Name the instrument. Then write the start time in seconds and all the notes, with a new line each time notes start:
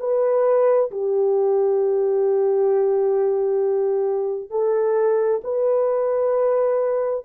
horn
0.00 B4
0.91 G4
4.50 A4
5.44 B4